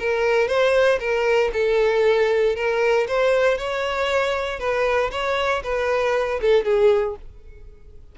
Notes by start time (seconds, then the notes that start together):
0.00 A#4
0.48 C5
1.00 A#4
1.53 A4
2.56 A#4
3.08 C5
3.58 C#5
4.60 B4
5.12 C#5
5.64 B4
6.42 A4
6.65 G#4